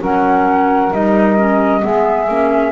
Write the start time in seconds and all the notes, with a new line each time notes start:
0.00 F#3 C#4 A#4 F#5
0.92 G3 D#4 D#5
1.37 C#4
1.81 G#3 B3 G#4 E5
2.29 A#3 C#4